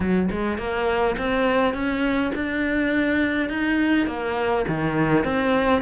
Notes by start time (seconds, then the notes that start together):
0.00 F#3
0.31 G#3
0.57 A#3
1.18 C4
1.73 C#4
2.35 D4
3.49 D#4
4.06 A#3
4.68 D#3
5.24 C4